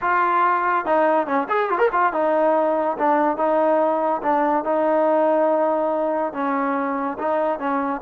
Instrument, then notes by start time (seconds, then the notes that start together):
trombone
0.01 F4
0.85 D#4
1.26 C#4
1.48 G#4
1.70 F4
1.78 A#4
1.92 F4
2.12 D#4
2.98 D4
3.37 D#4
4.22 D4
4.64 D#4
6.33 C#4
7.18 D#4
7.59 C#4